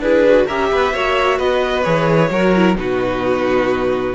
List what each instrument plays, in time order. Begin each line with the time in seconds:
0.00 cello D4, viola E4, violin G#4 B4
0.29 viola F#4
0.47 cello C#4, viola G4, violin A#4 E5
0.72 cello B3, violin B4
0.93 cello A#3, viola F#4, violin C#5
1.38 cello B3, violin B4 D#5
1.84 cello E3, viola G#4, violin C#5
2.31 cello F#3, viola F#4, violin A#4
2.56 viola E4
2.76 cello B2, viola D#4, violin F#4 B4